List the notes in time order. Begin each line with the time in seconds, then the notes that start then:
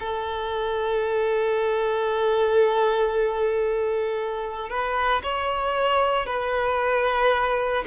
0.00 A4
4.69 B4
5.23 C#5
6.26 B4